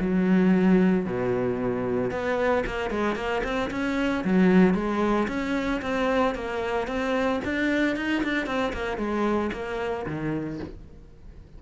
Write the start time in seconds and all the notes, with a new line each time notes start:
0.00 F#3
1.06 B2
2.11 B3
2.66 A#3
2.90 G#3
3.15 A#3
3.43 C4
3.70 C#4
4.24 F#3
4.74 G#3
5.28 C#4
5.82 C4
6.35 A#3
6.87 C4
7.44 D4
7.96 D#4
8.23 D4
8.46 C4
8.73 A#3
8.97 G#3
9.52 A#3
10.06 D#3